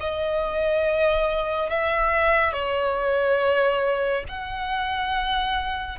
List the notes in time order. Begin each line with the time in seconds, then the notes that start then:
0.00 D#5
1.70 E5
2.52 C#5
4.29 F#5